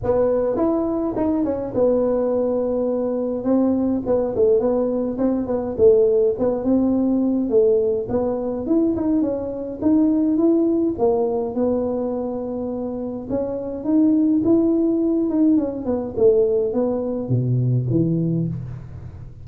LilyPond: \new Staff \with { instrumentName = "tuba" } { \time 4/4 \tempo 4 = 104 b4 e'4 dis'8 cis'8 b4~ | b2 c'4 b8 a8 | b4 c'8 b8 a4 b8 c'8~ | c'4 a4 b4 e'8 dis'8 |
cis'4 dis'4 e'4 ais4 | b2. cis'4 | dis'4 e'4. dis'8 cis'8 b8 | a4 b4 b,4 e4 | }